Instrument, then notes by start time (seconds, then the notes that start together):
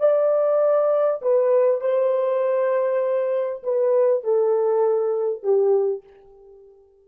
horn
0.00 D5
1.22 B4
1.81 C5
3.64 B4
4.24 A4
5.44 G4